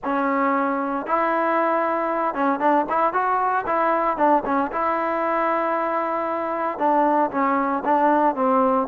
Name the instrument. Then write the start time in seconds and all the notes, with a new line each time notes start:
trombone
0.04 C#4
1.06 E4
2.34 C#4
2.59 D4
2.89 E4
3.13 F#4
3.66 E4
4.17 D4
4.45 C#4
4.72 E4
6.78 D4
7.30 C#4
7.84 D4
8.35 C4